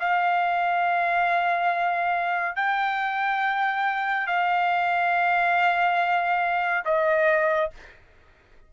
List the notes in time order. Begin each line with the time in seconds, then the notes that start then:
0.00 F5
2.56 G5
4.27 F5
6.85 D#5